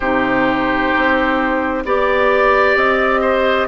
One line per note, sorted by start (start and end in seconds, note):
0.00 0.92 C3
0.00 1.85 D#4
0.00 1.83 G4
0.00 1.83 C5
0.97 1.84 C4
1.84 2.75 B3
1.84 3.68 G4
1.84 3.21 D5
1.84 2.76 D5
2.75 3.67 C4
2.75 3.68 D#5
3.21 3.67 C5